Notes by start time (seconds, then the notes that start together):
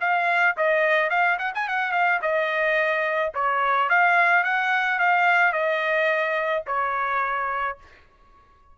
0.00 F5
0.57 D#5
1.10 F5
1.38 F#5
1.54 G#5
1.68 F#5
1.91 F5
2.21 D#5
3.34 C#5
3.89 F5
4.43 F#5
4.98 F5
5.52 D#5
6.66 C#5